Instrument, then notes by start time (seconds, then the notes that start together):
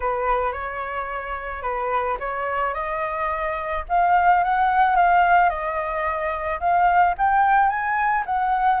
flute
0.00 B4
0.52 C#5
1.62 B4
2.19 C#5
2.74 D#5
3.88 F5
4.43 F#5
4.95 F5
5.49 D#5
6.60 F5
7.18 G5
7.69 G#5
8.25 F#5